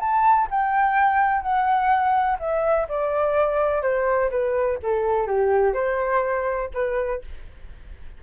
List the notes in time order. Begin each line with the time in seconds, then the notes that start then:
0.00 A5
0.51 G5
1.42 F#5
2.40 E5
2.89 D5
3.82 C5
4.31 B4
4.83 A4
5.27 G4
5.74 C5
6.74 B4